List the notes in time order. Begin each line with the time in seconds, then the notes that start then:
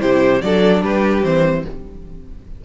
0.00 C3 E4 G4 C5
0.42 F#3 D4 A4 D5
0.82 G3 G4 B4
1.24 E3 C4 C5